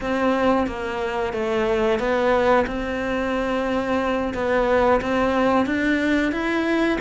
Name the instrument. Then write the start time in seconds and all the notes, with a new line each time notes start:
cello
0.00 C4
0.66 A#3
1.33 A3
1.98 B3
2.67 C4
4.34 B3
5.01 C4
5.65 D4
6.32 E4